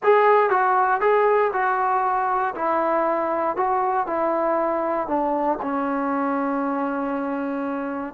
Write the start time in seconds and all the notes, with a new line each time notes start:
0.03 G#4
0.50 F#4
1.01 G#4
1.53 F#4
2.55 E4
3.56 F#4
4.06 E4
5.07 D4
5.62 C#4